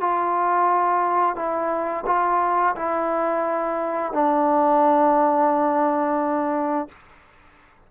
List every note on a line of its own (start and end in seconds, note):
0.00 1.35 F4
1.35 2.04 E4
2.06 2.75 F4
2.75 4.13 E4
4.13 6.88 D4